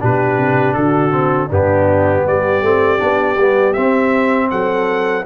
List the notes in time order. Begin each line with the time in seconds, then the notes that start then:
0.00 B2 D4 G4 B4
0.37 C3
0.73 D3 F#4 A4
1.11 C4
1.48 G2 B3 D4 G4
2.23 G3 G4 D5
2.61 A3 C4
2.98 B3 D4
3.37 G3 B3
3.73 C4 E5
4.50 F#3 A4 F#5